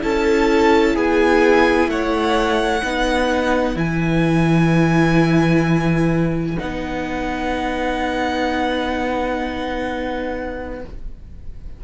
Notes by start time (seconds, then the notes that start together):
0.00 C#4 E4 A4 A5
0.95 B3 G#4 G#5
1.88 A3 C#5 F#5
2.83 B3 D#4 B4
3.76 E3 E4 G#5
6.57 B3 D#4 F#5